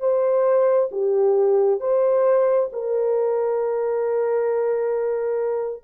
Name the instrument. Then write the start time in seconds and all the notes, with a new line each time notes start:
horn
0.00 C5
0.92 G4
1.80 C5
2.73 A#4